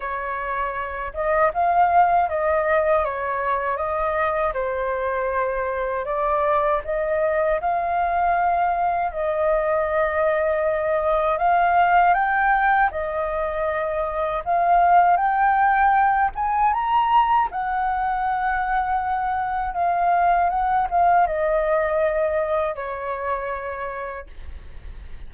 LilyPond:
\new Staff \with { instrumentName = "flute" } { \time 4/4 \tempo 4 = 79 cis''4. dis''8 f''4 dis''4 | cis''4 dis''4 c''2 | d''4 dis''4 f''2 | dis''2. f''4 |
g''4 dis''2 f''4 | g''4. gis''8 ais''4 fis''4~ | fis''2 f''4 fis''8 f''8 | dis''2 cis''2 | }